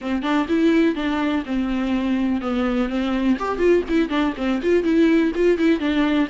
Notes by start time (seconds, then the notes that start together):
0.01 C4
0.22 D4
0.48 E4
0.95 D4
1.45 C4
2.41 B3
2.89 C4
3.38 G4
3.58 F4
3.88 E4
4.09 D4
4.37 C4
4.62 F4
4.83 E4
5.35 F4
5.58 E4
5.79 D4